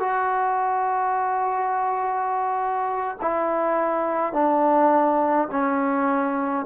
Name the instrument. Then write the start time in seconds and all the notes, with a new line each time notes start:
trombone
0.00 F#4
3.22 E4
4.33 D4
5.52 C#4